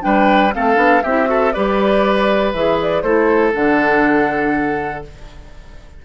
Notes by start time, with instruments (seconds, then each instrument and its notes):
0.00 bassoon G3, clarinet D4, oboe B4, flute G5
0.53 bassoon A3, clarinet C4, oboe A4, flute F5
0.75 bassoon B3, clarinet D4
1.02 bassoon C4, clarinet E4, oboe G4, flute E5
1.25 clarinet F#4, oboe A4
1.52 bassoon G3, clarinet G4, oboe B4, flute D5
2.53 bassoon E3, clarinet G#4, flute E5
2.81 flute D5
3.02 bassoon A3, clarinet E4, oboe A4, flute C5
3.52 bassoon D3, clarinet D4, flute F#5